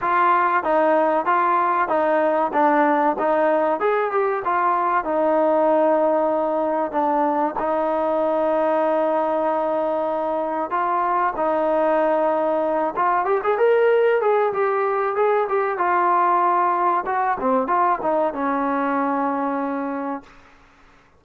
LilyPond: \new Staff \with { instrumentName = "trombone" } { \time 4/4 \tempo 4 = 95 f'4 dis'4 f'4 dis'4 | d'4 dis'4 gis'8 g'8 f'4 | dis'2. d'4 | dis'1~ |
dis'4 f'4 dis'2~ | dis'8 f'8 g'16 gis'16 ais'4 gis'8 g'4 | gis'8 g'8 f'2 fis'8 c'8 | f'8 dis'8 cis'2. | }